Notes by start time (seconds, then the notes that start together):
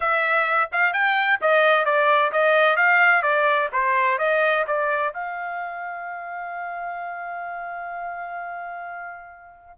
0.00 E5
0.71 F5
0.93 G5
1.41 D#5
1.85 D5
2.32 D#5
2.76 F5
3.22 D5
3.72 C5
4.18 D#5
4.67 D5
5.13 F5